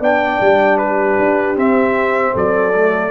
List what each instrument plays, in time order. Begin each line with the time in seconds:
0.00 tuba B3, trombone D4, horn D5, trumpet G5
0.41 tuba G3
0.78 horn G4, trumpet B4
1.19 tuba D4
1.56 trombone C4, tuba C4, trumpet E5
2.33 tuba F#3, horn A4, trumpet D5
2.75 trombone A3